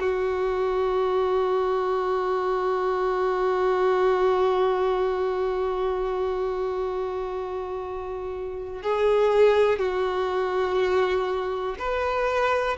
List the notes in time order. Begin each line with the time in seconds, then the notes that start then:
0.00 F#4
8.83 G#4
9.79 F#4
11.79 B4